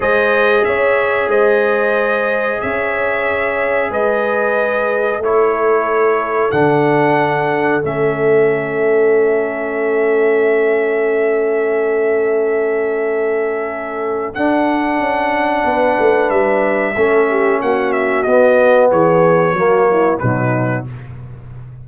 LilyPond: <<
  \new Staff \with { instrumentName = "trumpet" } { \time 4/4 \tempo 4 = 92 dis''4 e''4 dis''2 | e''2 dis''2 | cis''2 fis''2 | e''1~ |
e''1~ | e''2 fis''2~ | fis''4 e''2 fis''8 e''8 | dis''4 cis''2 b'4 | }
  \new Staff \with { instrumentName = "horn" } { \time 4/4 c''4 cis''4 c''2 | cis''2 b'2 | a'1~ | a'1~ |
a'1~ | a'1 | b'2 a'8 g'8 fis'4~ | fis'4 gis'4 fis'8 e'8 dis'4 | }
  \new Staff \with { instrumentName = "trombone" } { \time 4/4 gis'1~ | gis'1 | e'2 d'2 | cis'1~ |
cis'1~ | cis'2 d'2~ | d'2 cis'2 | b2 ais4 fis4 | }
  \new Staff \with { instrumentName = "tuba" } { \time 4/4 gis4 cis'4 gis2 | cis'2 gis2 | a2 d2 | a1~ |
a1~ | a2 d'4 cis'4 | b8 a8 g4 a4 ais4 | b4 e4 fis4 b,4 | }
>>